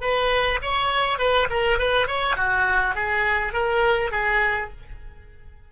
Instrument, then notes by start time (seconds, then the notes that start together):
oboe
0.00 B4
0.61 C#5
1.18 B4
1.49 A#4
1.78 B4
2.07 C#5
2.36 F#4
2.95 G#4
3.53 A#4
4.11 G#4